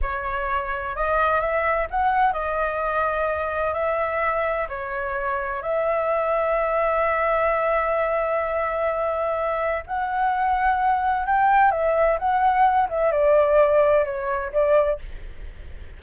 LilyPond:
\new Staff \with { instrumentName = "flute" } { \time 4/4 \tempo 4 = 128 cis''2 dis''4 e''4 | fis''4 dis''2. | e''2 cis''2 | e''1~ |
e''1~ | e''4 fis''2. | g''4 e''4 fis''4. e''8 | d''2 cis''4 d''4 | }